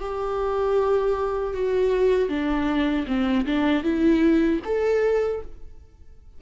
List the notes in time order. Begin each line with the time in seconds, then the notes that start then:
0.00 G4
1.54 F#4
2.29 D4
3.07 C4
3.46 D4
3.84 E4
4.65 A4